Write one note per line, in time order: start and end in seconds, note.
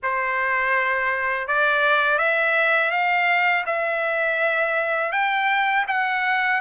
0.02 1.47 C5
1.47 2.18 D5
2.18 2.91 E5
2.91 3.64 F5
3.66 5.12 E5
5.12 5.85 G5
5.87 6.60 F#5